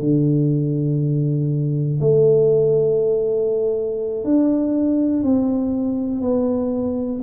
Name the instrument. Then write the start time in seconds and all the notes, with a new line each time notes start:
tuba
0.00 D3
2.00 A3
4.24 D4
5.23 C4
6.21 B3